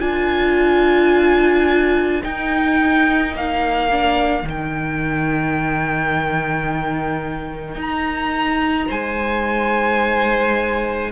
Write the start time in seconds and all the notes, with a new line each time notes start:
0.00 D4 F4 A#4 G#5
2.22 D#4 G5
3.34 A#3 F5
3.91 D4
4.43 D#3 D#4
4.49 G5
7.75 D#4
7.81 A#5
8.88 G#3 C5 G#5